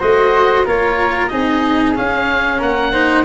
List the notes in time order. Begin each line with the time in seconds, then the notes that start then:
0.00 A3 F#4 C5 D#5
0.65 A#3 F4 A#4 C#5
1.28 C4 D#4 G#4 D#5
1.96 C#4 F5
2.59 A#3 A#4 F#5
2.93 D#4 C5